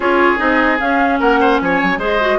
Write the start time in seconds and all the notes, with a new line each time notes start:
0.00 C#4 F4 G#4 C#5
0.37 C4 D#4 D#5
0.79 C#4 F5
1.19 A#3 A#4 F#5
1.40 C5
1.60 F3 C#5 G#5
1.82 F#3
1.97 G#3 G#4 C5 D#5
2.20 F#4